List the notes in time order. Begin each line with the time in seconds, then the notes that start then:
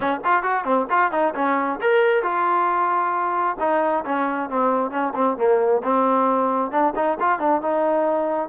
0.00 C#4
0.24 F4
0.43 F#4
0.64 C4
0.90 F4
1.11 D#4
1.34 C#4
1.81 A#4
2.22 F4
3.59 D#4
4.05 C#4
4.49 C4
4.90 C#4
5.14 C4
5.37 A#3
5.83 C4
6.71 D4
6.95 D#4
7.19 F4
7.39 D4
7.61 D#4